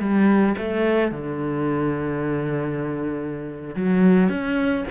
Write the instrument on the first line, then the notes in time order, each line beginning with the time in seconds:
cello
0.00 G3
0.58 A3
1.12 D3
3.76 F#3
4.30 C#4